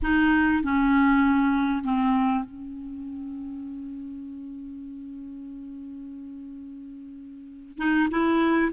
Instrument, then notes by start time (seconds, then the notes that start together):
clarinet
0.02 D#4
0.63 C#4
1.84 C4
2.44 C#4
7.78 D#4
8.10 E4